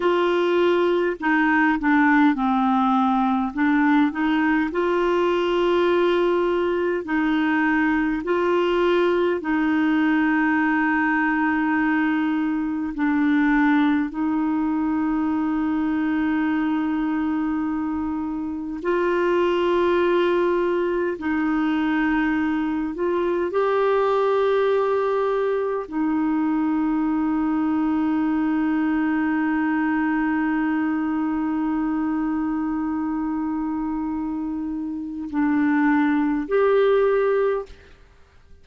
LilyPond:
\new Staff \with { instrumentName = "clarinet" } { \time 4/4 \tempo 4 = 51 f'4 dis'8 d'8 c'4 d'8 dis'8 | f'2 dis'4 f'4 | dis'2. d'4 | dis'1 |
f'2 dis'4. f'8 | g'2 dis'2~ | dis'1~ | dis'2 d'4 g'4 | }